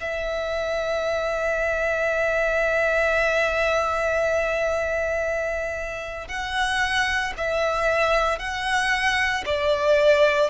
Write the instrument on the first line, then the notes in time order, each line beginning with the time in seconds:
violin
0.00 E5
6.28 F#5
7.37 E5
8.38 F#5
9.45 D5